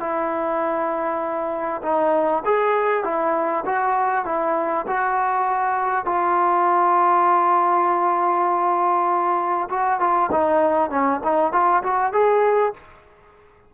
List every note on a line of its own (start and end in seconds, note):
0.00 1.82 E4
1.83 2.44 D#4
2.45 3.04 G#4
3.04 3.65 E4
3.66 4.26 F#4
4.26 4.86 E4
4.88 6.06 F#4
6.06 9.69 F4
9.70 10.00 F#4
10.00 10.30 F4
10.32 10.90 D#4
10.90 11.21 C#4
11.24 11.53 D#4
11.53 11.83 F4
11.83 12.13 F#4
12.13 12.74 G#4